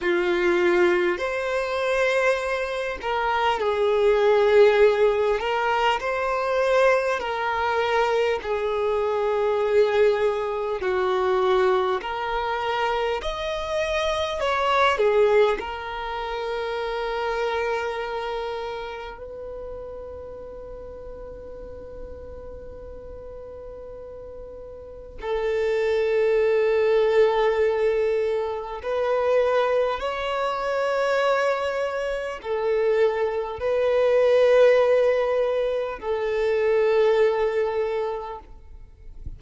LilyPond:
\new Staff \with { instrumentName = "violin" } { \time 4/4 \tempo 4 = 50 f'4 c''4. ais'8 gis'4~ | gis'8 ais'8 c''4 ais'4 gis'4~ | gis'4 fis'4 ais'4 dis''4 | cis''8 gis'8 ais'2. |
b'1~ | b'4 a'2. | b'4 cis''2 a'4 | b'2 a'2 | }